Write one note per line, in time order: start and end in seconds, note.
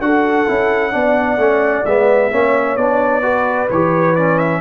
0.00 0.46 D4
0.00 0.47 F#4
0.00 0.93 A4
0.00 1.85 F#5
0.47 0.94 C#4
0.47 0.92 E4
0.92 1.37 B3
0.92 1.38 D4
0.92 2.31 D5
1.37 1.83 A3
1.37 1.86 C#4
1.85 2.32 G#3
1.85 2.31 B3
1.85 2.77 E5
2.31 2.77 A#3
2.31 2.77 C#4
2.31 3.23 C#5
2.77 3.69 B3
2.77 3.22 D4
2.77 3.69 D5
3.22 3.68 F#4
3.22 4.61 B4
3.70 4.61 E3
3.70 4.17 G4
3.70 4.16 C#5
4.16 4.61 C#4
4.16 4.38 D5
4.38 4.61 E5